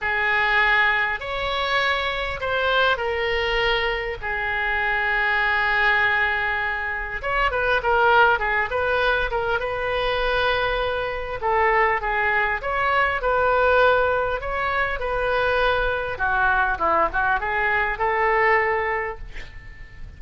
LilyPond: \new Staff \with { instrumentName = "oboe" } { \time 4/4 \tempo 4 = 100 gis'2 cis''2 | c''4 ais'2 gis'4~ | gis'1 | cis''8 b'8 ais'4 gis'8 b'4 ais'8 |
b'2. a'4 | gis'4 cis''4 b'2 | cis''4 b'2 fis'4 | e'8 fis'8 gis'4 a'2 | }